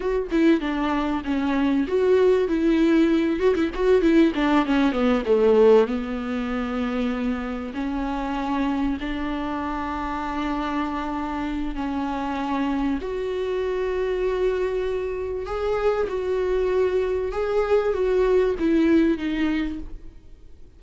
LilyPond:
\new Staff \with { instrumentName = "viola" } { \time 4/4 \tempo 4 = 97 fis'8 e'8 d'4 cis'4 fis'4 | e'4. fis'16 e'16 fis'8 e'8 d'8 cis'8 | b8 a4 b2~ b8~ | b8 cis'2 d'4.~ |
d'2. cis'4~ | cis'4 fis'2.~ | fis'4 gis'4 fis'2 | gis'4 fis'4 e'4 dis'4 | }